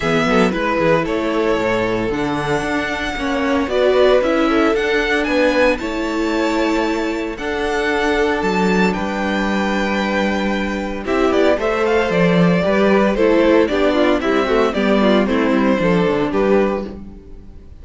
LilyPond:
<<
  \new Staff \with { instrumentName = "violin" } { \time 4/4 \tempo 4 = 114 e''4 b'4 cis''2 | fis''2. d''4 | e''4 fis''4 gis''4 a''4~ | a''2 fis''2 |
a''4 g''2.~ | g''4 e''8 d''8 e''8 f''8 d''4~ | d''4 c''4 d''4 e''4 | d''4 c''2 b'4 | }
  \new Staff \with { instrumentName = "violin" } { \time 4/4 gis'8 a'8 b'8 gis'8 a'2~ | a'2 cis''4 b'4~ | b'8 a'4. b'4 cis''4~ | cis''2 a'2~ |
a'4 b'2.~ | b'4 g'4 c''2 | b'4 a'4 g'8 f'8 e'8 fis'8 | g'8 f'8 e'4 a'4 g'4 | }
  \new Staff \with { instrumentName = "viola" } { \time 4/4 b4 e'2. | d'2 cis'4 fis'4 | e'4 d'2 e'4~ | e'2 d'2~ |
d'1~ | d'4 e'4 a'2 | g'4 e'4 d'4 g8 a8 | b4 c'4 d'2 | }
  \new Staff \with { instrumentName = "cello" } { \time 4/4 e8 fis8 gis8 e8 a4 a,4 | d4 d'4 ais4 b4 | cis'4 d'4 b4 a4~ | a2 d'2 |
fis4 g2.~ | g4 c'8 b8 a4 f4 | g4 a4 b4 c'4 | g4 a8 g8 f8 d8 g4 | }
>>